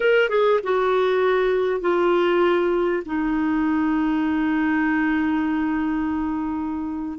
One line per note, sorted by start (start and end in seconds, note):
0.00 0.29 A#4
0.29 0.60 G#4
0.63 1.80 F#4
1.80 3.03 F4
3.05 7.19 D#4